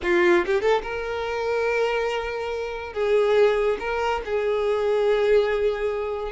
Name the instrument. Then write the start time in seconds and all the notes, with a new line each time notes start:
violin
0.02 F4
0.46 G4
0.61 A4
0.82 A#4
2.93 G#4
3.79 A#4
4.25 G#4